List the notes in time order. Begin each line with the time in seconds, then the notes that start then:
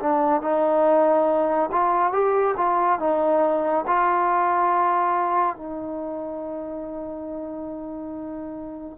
0.00 D4
0.41 D#4
1.72 F4
2.12 G4
2.57 F4
3.00 D#4
3.87 F4
5.56 D#4